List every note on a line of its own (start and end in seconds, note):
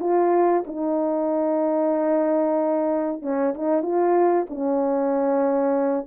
0.00 0.64 F4
0.67 3.22 D#4
3.22 3.54 C#4
3.54 3.82 D#4
3.82 4.46 F4
4.50 6.06 C#4